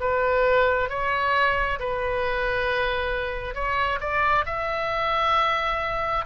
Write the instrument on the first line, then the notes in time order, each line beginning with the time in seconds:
oboe
0.00 B4
0.89 C#5
1.79 B4
3.54 C#5
4.00 D5
4.45 E5